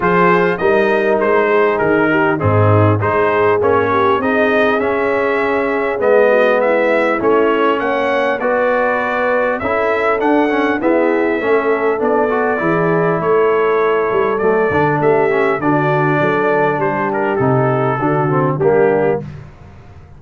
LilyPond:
<<
  \new Staff \with { instrumentName = "trumpet" } { \time 4/4 \tempo 4 = 100 c''4 dis''4 c''4 ais'4 | gis'4 c''4 cis''4 dis''4 | e''2 dis''4 e''4 | cis''4 fis''4 d''2 |
e''4 fis''4 e''2 | d''2 cis''2 | d''4 e''4 d''2 | c''8 ais'8 a'2 g'4 | }
  \new Staff \with { instrumentName = "horn" } { \time 4/4 gis'4 ais'4. gis'4 g'8 | dis'4 gis'4. g'8 gis'4~ | gis'2~ gis'8 fis'8 e'4~ | e'4 cis''4 b'2 |
a'2 gis'4 a'4~ | a'4 gis'4 a'2~ | a'4 g'4 fis'4 a'4 | g'2 fis'4 d'4 | }
  \new Staff \with { instrumentName = "trombone" } { \time 4/4 f'4 dis'2. | c'4 dis'4 cis'4 dis'4 | cis'2 b2 | cis'2 fis'2 |
e'4 d'8 cis'8 b4 cis'4 | d'8 fis'8 e'2. | a8 d'4 cis'8 d'2~ | d'4 dis'4 d'8 c'8 ais4 | }
  \new Staff \with { instrumentName = "tuba" } { \time 4/4 f4 g4 gis4 dis4 | gis,4 gis4 ais4 c'4 | cis'2 gis2 | a4 ais4 b2 |
cis'4 d'4 e'4 a4 | b4 e4 a4. g8 | fis8 d8 a4 d4 fis4 | g4 c4 d4 g4 | }
>>